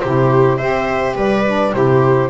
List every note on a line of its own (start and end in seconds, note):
0.00 0.62 C3
0.00 0.60 E4
0.00 0.58 G4
0.00 0.57 C5
0.57 1.15 C4
0.57 1.45 G4
0.57 1.15 C5
0.57 1.14 E5
1.15 1.72 G3
1.15 1.73 B4
1.15 1.73 D5
1.46 1.73 D4
1.73 2.30 C3
1.73 2.30 E4
1.73 2.30 G4
1.73 2.30 C5